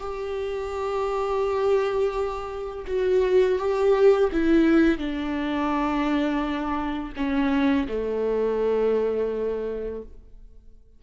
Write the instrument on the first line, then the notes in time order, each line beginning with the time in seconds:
viola
0.00 G4
2.88 F#4
3.59 G4
4.33 E4
4.99 D4
7.17 C#4
7.89 A3